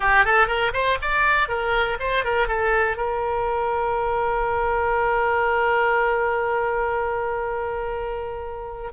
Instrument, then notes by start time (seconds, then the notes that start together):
oboe
0.00 G4
0.25 A4
0.47 A#4
0.73 C5
1.01 D5
1.48 A#4
1.99 C5
2.24 A#4
2.47 A4
2.96 A#4